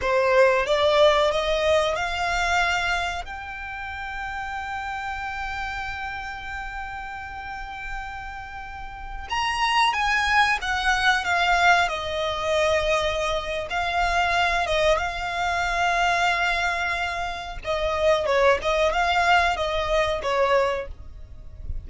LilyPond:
\new Staff \with { instrumentName = "violin" } { \time 4/4 \tempo 4 = 92 c''4 d''4 dis''4 f''4~ | f''4 g''2.~ | g''1~ | g''2~ g''16 ais''4 gis''8.~ |
gis''16 fis''4 f''4 dis''4.~ dis''16~ | dis''4 f''4. dis''8 f''4~ | f''2. dis''4 | cis''8 dis''8 f''4 dis''4 cis''4 | }